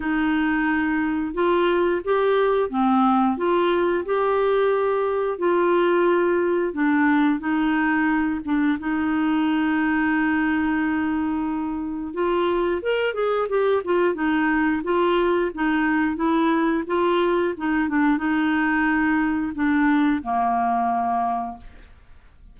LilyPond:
\new Staff \with { instrumentName = "clarinet" } { \time 4/4 \tempo 4 = 89 dis'2 f'4 g'4 | c'4 f'4 g'2 | f'2 d'4 dis'4~ | dis'8 d'8 dis'2.~ |
dis'2 f'4 ais'8 gis'8 | g'8 f'8 dis'4 f'4 dis'4 | e'4 f'4 dis'8 d'8 dis'4~ | dis'4 d'4 ais2 | }